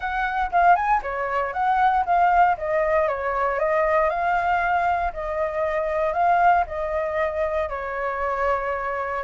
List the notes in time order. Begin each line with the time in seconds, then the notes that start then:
0.00 F#5
0.51 F5
0.75 G#5
1.02 C#5
1.53 F#5
2.05 F5
2.57 D#5
3.08 C#5
3.59 D#5
4.09 F5
5.13 D#5
6.13 F5
6.66 D#5
7.69 C#5